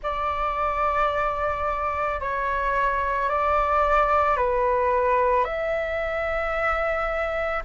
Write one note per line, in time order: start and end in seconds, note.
0.02 2.20 D5
2.20 3.29 C#5
3.29 4.36 D5
4.36 5.44 B4
5.44 7.62 E5